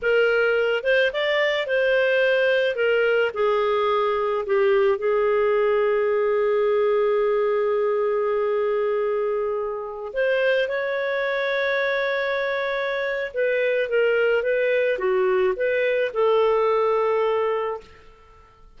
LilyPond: \new Staff \with { instrumentName = "clarinet" } { \time 4/4 \tempo 4 = 108 ais'4. c''8 d''4 c''4~ | c''4 ais'4 gis'2 | g'4 gis'2.~ | gis'1~ |
gis'2~ gis'16 c''4 cis''8.~ | cis''1 | b'4 ais'4 b'4 fis'4 | b'4 a'2. | }